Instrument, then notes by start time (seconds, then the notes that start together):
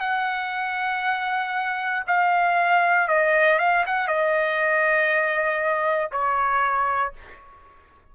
trumpet
0.00 F#5
2.07 F5
3.08 D#5
3.59 F5
3.86 F#5
4.07 D#5
6.12 C#5